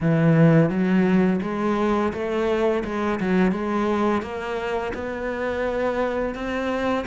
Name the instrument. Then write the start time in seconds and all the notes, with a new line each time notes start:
cello
0.00 E3
0.69 F#3
1.42 G#3
2.13 A3
2.84 G#3
3.20 F#3
3.51 G#3
4.22 A#3
4.93 B3
6.34 C4